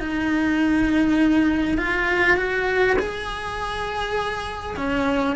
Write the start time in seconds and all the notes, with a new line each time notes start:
0.00 D#4
1.78 F4
2.37 F#4
2.99 G#4
4.77 C#4